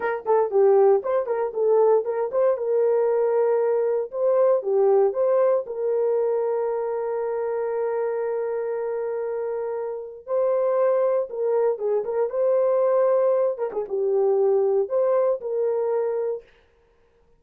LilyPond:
\new Staff \with { instrumentName = "horn" } { \time 4/4 \tempo 4 = 117 ais'8 a'8 g'4 c''8 ais'8 a'4 | ais'8 c''8 ais'2. | c''4 g'4 c''4 ais'4~ | ais'1~ |
ais'1 | c''2 ais'4 gis'8 ais'8 | c''2~ c''8 ais'16 gis'16 g'4~ | g'4 c''4 ais'2 | }